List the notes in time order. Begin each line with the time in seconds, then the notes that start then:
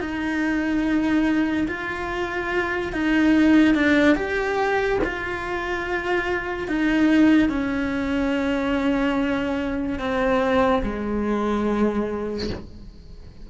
0.00 D#4
1.68 F4
2.93 D#4
3.75 D4
4.16 G4
5.04 F4
6.67 D#4
7.49 C#4
9.99 C4
10.83 G#3